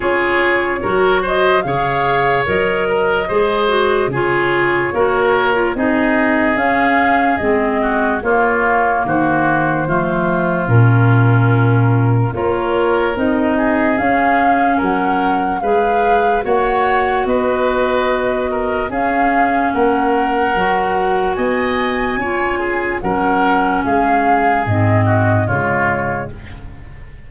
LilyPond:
<<
  \new Staff \with { instrumentName = "flute" } { \time 4/4 \tempo 4 = 73 cis''4. dis''8 f''4 dis''4~ | dis''4 cis''2 dis''4 | f''4 dis''4 cis''4 c''4~ | c''4 ais'2 cis''4 |
dis''4 f''4 fis''4 f''4 | fis''4 dis''2 f''4 | fis''2 gis''2 | fis''4 f''4 dis''4 cis''4 | }
  \new Staff \with { instrumentName = "oboe" } { \time 4/4 gis'4 ais'8 c''8 cis''4. ais'8 | c''4 gis'4 ais'4 gis'4~ | gis'4. fis'8 f'4 fis'4 | f'2. ais'4~ |
ais'8 gis'4. ais'4 b'4 | cis''4 b'4. ais'8 gis'4 | ais'2 dis''4 cis''8 gis'8 | ais'4 gis'4. fis'8 f'4 | }
  \new Staff \with { instrumentName = "clarinet" } { \time 4/4 f'4 fis'4 gis'4 ais'4 | gis'8 fis'8 f'4 fis'8. f'16 dis'4 | cis'4 c'4 ais2 | a4 cis'2 f'4 |
dis'4 cis'2 gis'4 | fis'2. cis'4~ | cis'4 fis'2 f'4 | cis'2 c'4 gis4 | }
  \new Staff \with { instrumentName = "tuba" } { \time 4/4 cis'4 fis4 cis4 fis4 | gis4 cis4 ais4 c'4 | cis'4 gis4 ais4 dis4 | f4 ais,2 ais4 |
c'4 cis'4 fis4 gis4 | ais4 b2 cis'4 | ais4 fis4 b4 cis'4 | fis4 gis4 gis,4 cis4 | }
>>